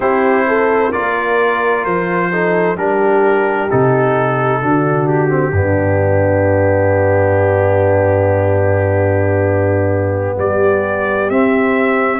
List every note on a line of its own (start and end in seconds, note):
0.00 0.92 C4
0.00 0.92 E4
0.00 0.46 G4
0.00 0.92 C5
0.47 0.91 A4
0.91 1.85 A#3
0.91 2.31 F4
0.91 2.29 A#4
0.91 1.84 D5
1.84 2.75 F3
1.84 2.76 C5
2.31 2.76 D#4
2.31 2.76 A4
2.75 3.68 G3
2.75 3.68 D4
2.75 4.61 G4
2.75 3.70 A#4
3.70 4.62 C3
3.70 4.62 D#4
3.70 5.07 A4
4.61 5.51 D3
4.61 5.28 D4
4.61 5.53 F#4
5.07 10.37 G4
5.28 5.52 C4
5.51 10.36 G2
5.51 11.30 B3
5.51 10.38 D4
10.37 11.29 G3
10.37 12.20 G4
10.37 11.30 D5
11.29 12.20 C4
11.29 12.20 E5